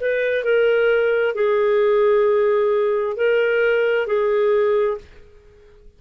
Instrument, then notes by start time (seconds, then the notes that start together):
clarinet
0.00 B4
0.44 A#4
1.35 G#4
3.16 A#4
4.06 G#4